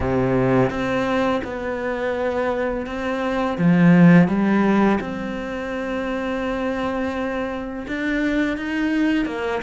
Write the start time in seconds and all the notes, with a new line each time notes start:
0.00 C3
0.69 C4
1.44 B3
2.86 C4
3.58 F3
4.28 G3
5.00 C4
7.87 D4
8.57 D#4
9.25 A#3